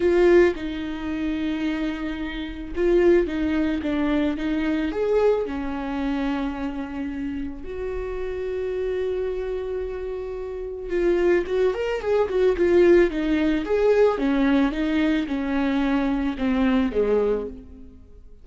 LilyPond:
\new Staff \with { instrumentName = "viola" } { \time 4/4 \tempo 4 = 110 f'4 dis'2.~ | dis'4 f'4 dis'4 d'4 | dis'4 gis'4 cis'2~ | cis'2 fis'2~ |
fis'1 | f'4 fis'8 ais'8 gis'8 fis'8 f'4 | dis'4 gis'4 cis'4 dis'4 | cis'2 c'4 gis4 | }